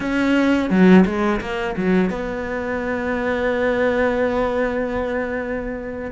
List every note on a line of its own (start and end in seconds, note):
0.00 0.69 C#4
0.69 1.04 F#3
1.05 1.40 G#3
1.40 1.75 A#3
1.76 2.10 F#3
2.10 6.11 B3